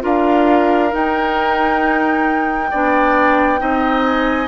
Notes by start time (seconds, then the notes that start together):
0.00 D4 F4 A#4 F5
0.90 D#4 G5
2.70 B3 D4 D5
3.58 C4 D#4 D#5
4.03 G#5